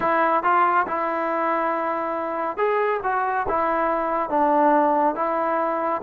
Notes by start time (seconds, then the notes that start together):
0.00 E4
0.43 F4
0.87 E4
2.57 G#4
3.03 F#4
3.48 E4
4.29 D4
5.15 E4